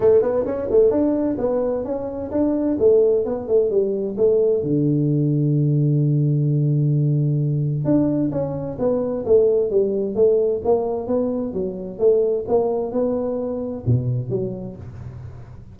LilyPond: \new Staff \with { instrumentName = "tuba" } { \time 4/4 \tempo 4 = 130 a8 b8 cis'8 a8 d'4 b4 | cis'4 d'4 a4 b8 a8 | g4 a4 d2~ | d1~ |
d4 d'4 cis'4 b4 | a4 g4 a4 ais4 | b4 fis4 a4 ais4 | b2 b,4 fis4 | }